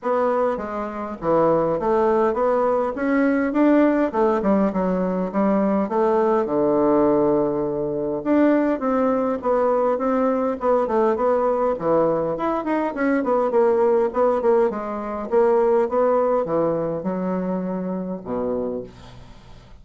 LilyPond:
\new Staff \with { instrumentName = "bassoon" } { \time 4/4 \tempo 4 = 102 b4 gis4 e4 a4 | b4 cis'4 d'4 a8 g8 | fis4 g4 a4 d4~ | d2 d'4 c'4 |
b4 c'4 b8 a8 b4 | e4 e'8 dis'8 cis'8 b8 ais4 | b8 ais8 gis4 ais4 b4 | e4 fis2 b,4 | }